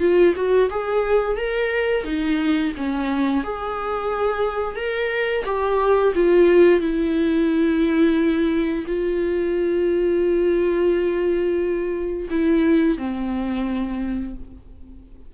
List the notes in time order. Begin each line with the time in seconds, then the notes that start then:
0.00 F4
0.36 F#4
0.70 G#4
1.37 A#4
2.04 D#4
2.77 C#4
3.44 G#4
4.76 A#4
5.45 G4
6.15 F4
6.81 E4
8.87 F4
12.30 E4
12.98 C4